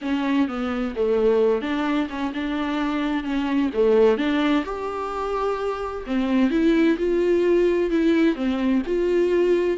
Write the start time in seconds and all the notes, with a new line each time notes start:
0.01 C#4
0.48 B3
0.95 A3
1.61 D4
2.09 C#4
2.34 D4
3.23 C#4
3.73 A3
4.17 D4
4.64 G4
6.06 C4
6.50 E4
6.98 F4
7.90 E4
8.35 C4
8.86 F4